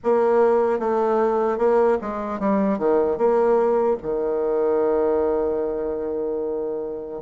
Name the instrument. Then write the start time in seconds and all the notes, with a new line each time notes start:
bassoon
0.03 A#3
0.79 A3
1.57 A#3
2.01 G#3
2.39 G3
2.78 D#3
3.17 A#3
4.02 D#3